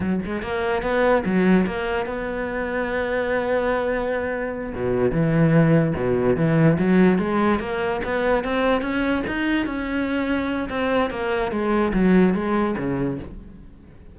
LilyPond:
\new Staff \with { instrumentName = "cello" } { \time 4/4 \tempo 4 = 146 fis8 gis8 ais4 b4 fis4 | ais4 b2.~ | b2.~ b8 b,8~ | b,8 e2 b,4 e8~ |
e8 fis4 gis4 ais4 b8~ | b8 c'4 cis'4 dis'4 cis'8~ | cis'2 c'4 ais4 | gis4 fis4 gis4 cis4 | }